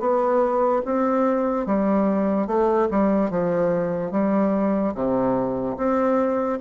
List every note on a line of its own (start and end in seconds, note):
0.00 0.82 B3
0.85 1.66 C4
1.66 2.47 G3
2.47 2.88 A3
2.91 3.30 G3
3.30 4.12 F3
4.12 4.94 G3
4.95 5.77 C3
5.77 6.59 C4